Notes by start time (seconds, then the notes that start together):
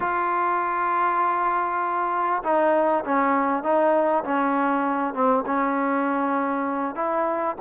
0.00 F4
2.43 D#4
3.04 C#4
3.63 D#4
4.24 C#4
5.14 C4
5.45 C#4
6.95 E4